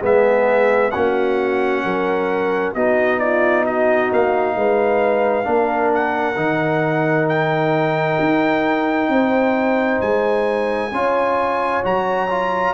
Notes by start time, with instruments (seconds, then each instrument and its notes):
0.00 tuba G#3, trombone B3, horn G#4, trumpet E5
0.91 tuba A#3, trombone C#4, horn F#4, trumpet F#5
1.84 tuba F#3, horn A#4
2.74 tuba B3, trombone D#4, horn F#4, trumpet D#5
3.19 horn F4, trumpet D5
3.64 horn F#4, trumpet D#5
4.12 tuba A#3, trumpet F5
4.55 tuba G#3, horn B4
5.44 tuba A#3, trombone D4, horn A#4
5.94 trumpet F#5
6.36 tuba D#3, trombone D#4
7.28 trumpet G5
8.20 tuba D#4
9.08 tuba C4, horn C5
10.01 tuba G#3, trumpet G#5
10.91 tuba C#4, trombone F4, horn C#5
11.83 tuba F#3, trombone F#4, trumpet A#5
12.30 trombone F4